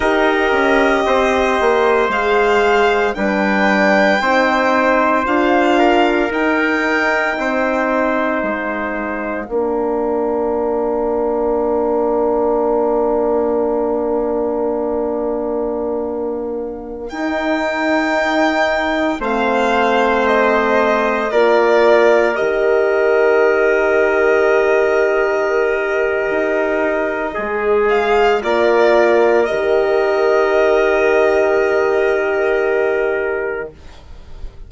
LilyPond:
<<
  \new Staff \with { instrumentName = "violin" } { \time 4/4 \tempo 4 = 57 dis''2 f''4 g''4~ | g''4 f''4 g''2 | f''1~ | f''1~ |
f''16 g''2 f''4 dis''8.~ | dis''16 d''4 dis''2~ dis''8.~ | dis''2~ dis''8 f''8 d''4 | dis''1 | }
  \new Staff \with { instrumentName = "trumpet" } { \time 4/4 ais'4 c''2 b'4 | c''4. ais'4. c''4~ | c''4 ais'2.~ | ais'1~ |
ais'2~ ais'16 c''4.~ c''16~ | c''16 ais'2.~ ais'8.~ | ais'2 gis'4 ais'4~ | ais'1 | }
  \new Staff \with { instrumentName = "horn" } { \time 4/4 g'2 gis'4 d'4 | dis'4 f'4 dis'2~ | dis'4 d'2.~ | d'1~ |
d'16 dis'2 c'4.~ c'16~ | c'16 f'4 g'2~ g'8.~ | g'2 gis'4 f'4 | g'1 | }
  \new Staff \with { instrumentName = "bassoon" } { \time 4/4 dis'8 cis'8 c'8 ais8 gis4 g4 | c'4 d'4 dis'4 c'4 | gis4 ais2.~ | ais1~ |
ais16 dis'2 a4.~ a16~ | a16 ais4 dis2~ dis8.~ | dis4 dis'4 gis4 ais4 | dis1 | }
>>